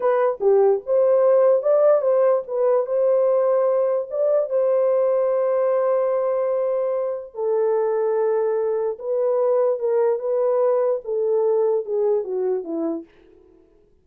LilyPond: \new Staff \with { instrumentName = "horn" } { \time 4/4 \tempo 4 = 147 b'4 g'4 c''2 | d''4 c''4 b'4 c''4~ | c''2 d''4 c''4~ | c''1~ |
c''2 a'2~ | a'2 b'2 | ais'4 b'2 a'4~ | a'4 gis'4 fis'4 e'4 | }